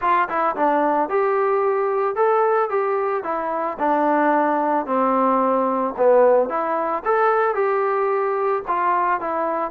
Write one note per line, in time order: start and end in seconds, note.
0.01 0.28 F4
0.28 0.55 E4
0.56 1.09 D4
1.09 2.15 G4
2.15 2.69 A4
2.69 3.23 G4
3.23 3.77 E4
3.79 4.86 D4
4.86 5.94 C4
5.97 6.49 B3
6.49 7.03 E4
7.04 7.54 A4
7.54 8.62 G4
8.67 9.20 F4
9.20 9.71 E4